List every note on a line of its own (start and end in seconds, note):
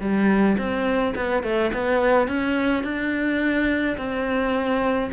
0.00 0.57 G3
0.57 1.14 C4
1.15 1.43 B3
1.43 1.71 A3
1.73 2.28 B3
2.28 2.83 C#4
2.83 3.96 D4
3.97 5.10 C4